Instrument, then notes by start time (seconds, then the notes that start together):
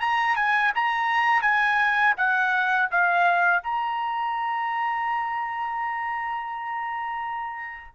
trumpet
0.00 A#5
0.36 G#5
0.75 A#5
1.42 G#5
2.17 F#5
2.91 F5
3.63 A#5